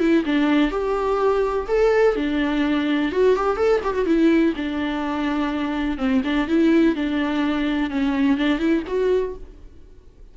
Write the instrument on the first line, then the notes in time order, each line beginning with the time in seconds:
viola
0.00 E4
0.26 D4
0.71 G4
1.68 A4
2.16 D4
3.12 F#4
3.36 G4
3.57 A4
3.84 G4
3.94 F#4
4.06 E4
4.57 D4
5.98 C4
6.25 D4
6.48 E4
6.96 D4
7.90 C#4
8.38 D4
8.59 E4
8.87 F#4